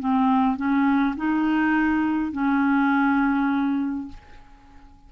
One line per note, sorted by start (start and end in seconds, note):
0.00 0.57 C4
0.57 1.16 C#4
1.17 2.32 D#4
2.32 4.09 C#4